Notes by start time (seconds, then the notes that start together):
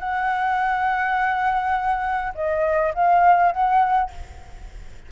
0.00 F#5
2.35 D#5
2.94 F5
3.52 F#5